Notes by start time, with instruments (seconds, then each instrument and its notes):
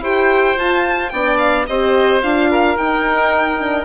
0.00 bassoon E4, horn G4, oboe C5, violin G5
0.57 horn F4, bassoon F4, violin A5
1.10 bassoon B3, horn D4, oboe D5, violin G5
1.38 violin F5
1.67 bassoon C4, horn G4, oboe C5, violin D#5
2.22 bassoon D4, horn F4, violin F5
2.51 oboe A#4
2.77 bassoon D#4, horn D#4, violin G5
3.59 horn D4